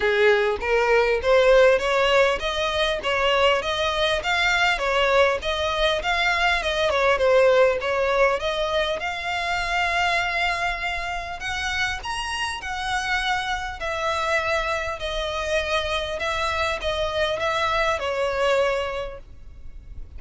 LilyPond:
\new Staff \with { instrumentName = "violin" } { \time 4/4 \tempo 4 = 100 gis'4 ais'4 c''4 cis''4 | dis''4 cis''4 dis''4 f''4 | cis''4 dis''4 f''4 dis''8 cis''8 | c''4 cis''4 dis''4 f''4~ |
f''2. fis''4 | ais''4 fis''2 e''4~ | e''4 dis''2 e''4 | dis''4 e''4 cis''2 | }